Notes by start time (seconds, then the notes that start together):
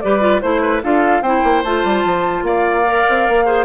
0.00 G3 G4 B4 D5
0.20 F4
0.41 A3 E4 C5
0.61 B4
0.82 D4 F4 A4 F5
1.21 C4 E4 C5 G5
1.43 A#3
1.63 A3 F4 A5
1.84 G3
2.04 F3
2.42 A#3 D5 F5
2.85 A#4
3.09 C4
3.28 A#3
3.45 G#4 C5